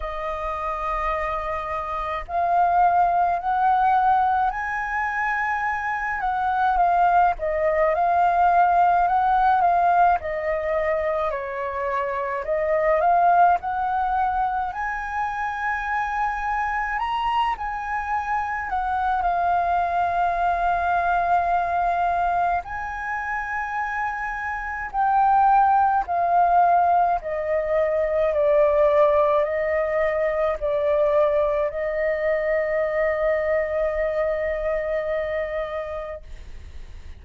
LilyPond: \new Staff \with { instrumentName = "flute" } { \time 4/4 \tempo 4 = 53 dis''2 f''4 fis''4 | gis''4. fis''8 f''8 dis''8 f''4 | fis''8 f''8 dis''4 cis''4 dis''8 f''8 | fis''4 gis''2 ais''8 gis''8~ |
gis''8 fis''8 f''2. | gis''2 g''4 f''4 | dis''4 d''4 dis''4 d''4 | dis''1 | }